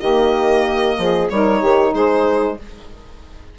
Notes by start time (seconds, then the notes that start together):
0.00 D#3 A#3 G4 D#5
0.98 F3 G#4
1.30 G3 D#4 A#4 C#5
1.59 D#3 G4
1.93 G#3 G#4 C5